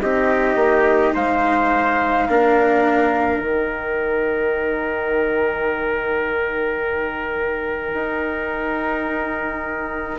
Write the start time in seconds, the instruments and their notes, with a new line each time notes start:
0.00 bassoon C4, cello D#4, trumpet G4, flute D#5
0.55 bassoon A#3
1.14 bassoon G#3, trumpet C5, flute F5
2.28 bassoon A#3, cello D4, trumpet A#4
3.38 bassoon D#3, cello D#4, flute G5
7.93 bassoon D#4